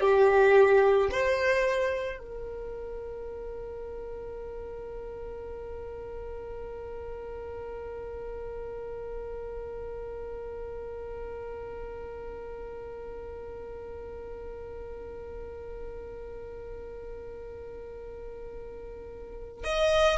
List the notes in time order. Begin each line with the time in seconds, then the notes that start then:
0.00 G4
1.11 C5
2.19 A#4
19.64 D#5